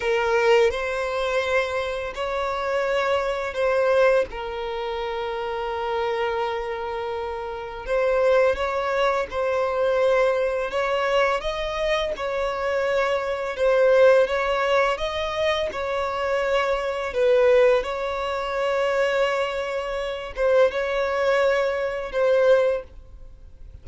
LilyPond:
\new Staff \with { instrumentName = "violin" } { \time 4/4 \tempo 4 = 84 ais'4 c''2 cis''4~ | cis''4 c''4 ais'2~ | ais'2. c''4 | cis''4 c''2 cis''4 |
dis''4 cis''2 c''4 | cis''4 dis''4 cis''2 | b'4 cis''2.~ | cis''8 c''8 cis''2 c''4 | }